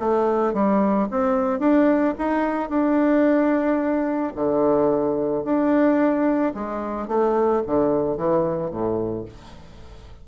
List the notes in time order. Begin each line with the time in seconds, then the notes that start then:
0.00 A3
0.54 G3
1.11 C4
1.60 D4
2.19 D#4
2.70 D4
4.36 D3
5.44 D4
6.55 G#3
7.08 A3
7.67 D3
8.18 E3
8.71 A2